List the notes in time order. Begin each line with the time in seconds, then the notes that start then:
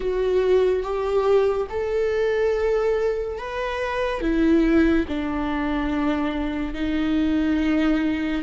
0.00 F#4
0.82 G4
1.69 A4
3.38 B4
4.21 E4
5.07 D4
6.74 D#4